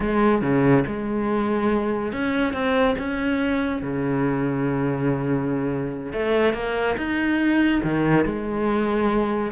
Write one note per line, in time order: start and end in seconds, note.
0.00 0.41 G#3
0.41 0.84 C#3
0.87 2.12 G#3
2.12 2.53 C#4
2.53 2.95 C4
2.98 3.81 C#4
3.81 6.12 C#3
6.12 6.53 A3
6.53 6.95 A#3
6.97 7.81 D#4
7.83 8.25 D#3
8.25 9.52 G#3